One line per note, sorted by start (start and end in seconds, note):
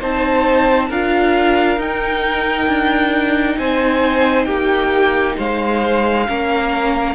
0.00 0.90 C4
0.00 0.90 D#4
0.00 0.88 C5
0.00 0.92 A5
0.88 1.78 D4
0.88 1.79 F4
0.88 3.57 A#4
0.88 1.81 F5
1.78 2.67 D#4
1.78 6.27 D#4
1.78 3.59 G5
2.68 3.57 D4
3.58 4.46 C4
3.58 4.47 C5
3.58 4.45 G#5
4.45 5.35 A#3
4.45 5.36 G4
4.45 5.34 G5
5.37 6.29 G#3
5.37 6.26 C5
5.37 7.15 F5
6.27 7.15 A#3
6.27 7.15 C#4
6.27 7.15 A#4